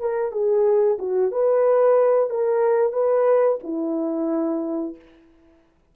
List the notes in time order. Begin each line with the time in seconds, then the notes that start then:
0.00 A#4
0.32 G#4
0.99 F#4
1.31 B4
2.30 A#4
2.93 B4
3.64 E4